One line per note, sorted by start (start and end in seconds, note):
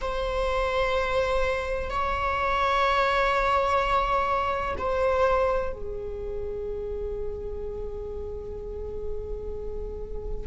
0.01 1.90 C5
1.90 4.75 C#5
4.78 5.72 C5
5.72 10.46 G#4